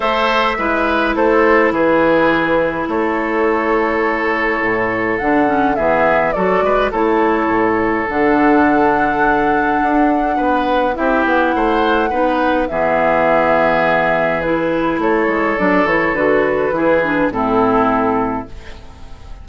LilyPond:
<<
  \new Staff \with { instrumentName = "flute" } { \time 4/4 \tempo 4 = 104 e''2 c''4 b'4~ | b'4 cis''2.~ | cis''4 fis''4 e''4 d''4 | cis''2 fis''2~ |
fis''2. e''8 fis''8~ | fis''2 e''2~ | e''4 b'4 cis''4 d''8 cis''8 | b'2 a'2 | }
  \new Staff \with { instrumentName = "oboe" } { \time 4/4 c''4 b'4 a'4 gis'4~ | gis'4 a'2.~ | a'2 gis'4 a'8 b'8 | a'1~ |
a'2 b'4 g'4 | c''4 b'4 gis'2~ | gis'2 a'2~ | a'4 gis'4 e'2 | }
  \new Staff \with { instrumentName = "clarinet" } { \time 4/4 a'4 e'2.~ | e'1~ | e'4 d'8 cis'8 b4 fis'4 | e'2 d'2~ |
d'2. e'4~ | e'4 dis'4 b2~ | b4 e'2 d'8 e'8 | fis'4 e'8 d'8 c'2 | }
  \new Staff \with { instrumentName = "bassoon" } { \time 4/4 a4 gis4 a4 e4~ | e4 a2. | a,4 d4 e4 fis8 gis8 | a4 a,4 d2~ |
d4 d'4 b4 c'8 b8 | a4 b4 e2~ | e2 a8 gis8 fis8 e8 | d4 e4 a,2 | }
>>